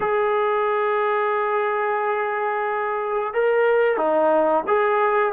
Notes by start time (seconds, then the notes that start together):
0.00 G#4
3.33 A#4
3.97 D#4
4.67 G#4